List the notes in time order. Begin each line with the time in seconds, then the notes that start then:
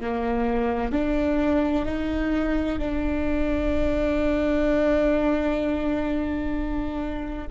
0.00 A#3
0.92 D4
1.85 D#4
2.79 D4